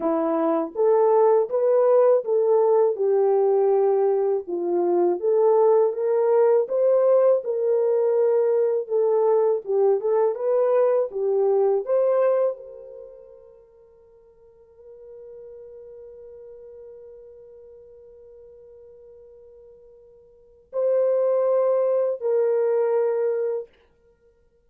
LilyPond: \new Staff \with { instrumentName = "horn" } { \time 4/4 \tempo 4 = 81 e'4 a'4 b'4 a'4 | g'2 f'4 a'4 | ais'4 c''4 ais'2 | a'4 g'8 a'8 b'4 g'4 |
c''4 ais'2.~ | ais'1~ | ais'1 | c''2 ais'2 | }